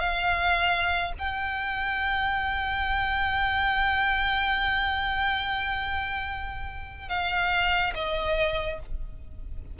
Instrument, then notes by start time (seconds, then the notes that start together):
violin
0.00 F5
1.19 G5
7.09 F5
7.95 D#5